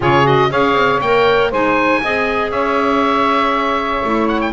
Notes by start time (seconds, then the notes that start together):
0.00 C#3 F4 G#4 C#5
0.23 F#4 D#5
0.49 C#4 G#4 C#5 F5
0.73 C4
1.00 A#3 A#4 G5
1.50 G#3 D#4 C5 G#5
2.02 C4 G#4 D#5
2.50 C#4 C#5 E5
4.03 A3 E4
4.27 F#5
4.41 G5